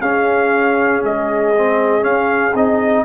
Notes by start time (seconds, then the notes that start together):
0.00 C#4 G#4 F5
1.04 G#3 D#5
1.56 C4
2.01 C#4 F5
2.55 C4 D#4 D#5